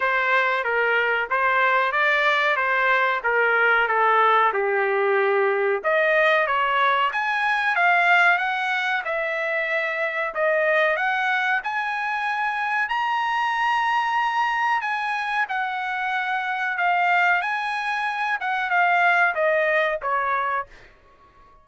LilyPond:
\new Staff \with { instrumentName = "trumpet" } { \time 4/4 \tempo 4 = 93 c''4 ais'4 c''4 d''4 | c''4 ais'4 a'4 g'4~ | g'4 dis''4 cis''4 gis''4 | f''4 fis''4 e''2 |
dis''4 fis''4 gis''2 | ais''2. gis''4 | fis''2 f''4 gis''4~ | gis''8 fis''8 f''4 dis''4 cis''4 | }